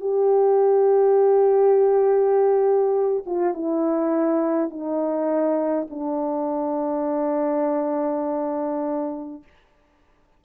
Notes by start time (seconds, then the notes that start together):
0.00 G4
3.26 F4
3.53 E4
4.70 D#4
5.90 D4